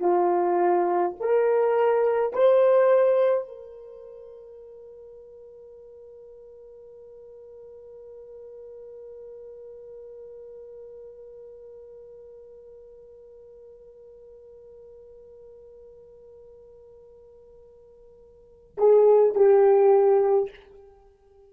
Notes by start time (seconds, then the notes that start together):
0.00 F4
1.20 A#4
2.33 C5
3.48 A#4
18.78 G#4
19.35 G4